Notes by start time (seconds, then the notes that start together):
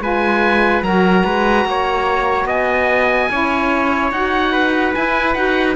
0.00 G#3 F4 B4 G#5
0.83 F#3 F#4 A#4 A#5
1.24 G#3 B4
1.65 A#3 C#5
2.46 B3 D#5 G#5
3.31 C#4 E4 C#5
4.12 D#4 F#4 F#5
4.52 B4
4.94 E4 G#5
5.34 D#4 F#4 F#5